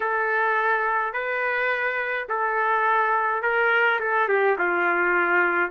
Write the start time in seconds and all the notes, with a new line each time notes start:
0.00 A4
1.13 B4
2.29 A4
3.42 A#4
4.00 A4
4.28 G4
4.58 F4